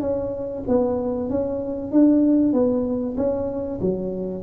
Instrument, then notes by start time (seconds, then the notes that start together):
tuba
0.00 C#4
0.67 B3
1.29 C#4
1.91 D4
2.52 B3
3.16 C#4
3.81 F#3